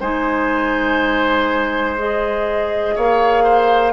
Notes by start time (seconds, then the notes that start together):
0.00 G#3 D#4 C5 G#5
1.96 G#4 D#5
2.95 A#3 C#5 F5
3.43 C5